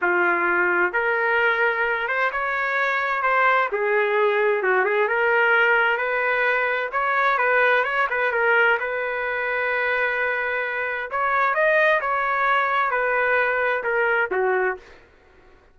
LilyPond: \new Staff \with { instrumentName = "trumpet" } { \time 4/4 \tempo 4 = 130 f'2 ais'2~ | ais'8 c''8 cis''2 c''4 | gis'2 fis'8 gis'8 ais'4~ | ais'4 b'2 cis''4 |
b'4 cis''8 b'8 ais'4 b'4~ | b'1 | cis''4 dis''4 cis''2 | b'2 ais'4 fis'4 | }